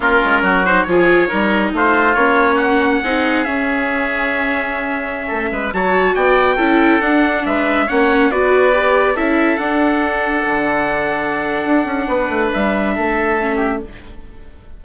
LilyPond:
<<
  \new Staff \with { instrumentName = "trumpet" } { \time 4/4 \tempo 4 = 139 ais'4. c''8 cis''2 | c''4 cis''4 fis''2 | e''1~ | e''4~ e''16 a''4 g''4.~ g''16~ |
g''16 fis''4 e''4 fis''4 d''8.~ | d''4~ d''16 e''4 fis''4.~ fis''16~ | fis''1~ | fis''4 e''2. | }
  \new Staff \with { instrumentName = "oboe" } { \time 4/4 f'4 fis'4 gis'4 ais'4 | f'2 fis'4 gis'4~ | gis'1~ | gis'16 a'8 b'8 cis''4 d''4 a'8.~ |
a'4~ a'16 b'4 cis''4 b'8.~ | b'4~ b'16 a'2~ a'8.~ | a'1 | b'2 a'4. g'8 | }
  \new Staff \with { instrumentName = "viola" } { \time 4/4 cis'4. dis'8 f'4 dis'4~ | dis'4 cis'2 dis'4 | cis'1~ | cis'4~ cis'16 fis'2 e'8.~ |
e'16 d'2 cis'4 fis'8.~ | fis'16 g'4 e'4 d'4.~ d'16~ | d'1~ | d'2. cis'4 | }
  \new Staff \with { instrumentName = "bassoon" } { \time 4/4 ais8 gis8 fis4 f4 g4 | a4 ais2 c'4 | cis'1~ | cis'16 a8 gis8 fis4 b4 cis'8.~ |
cis'16 d'4 gis4 ais4 b8.~ | b4~ b16 cis'4 d'4.~ d'16~ | d'16 d2~ d8. d'8 cis'8 | b8 a8 g4 a2 | }
>>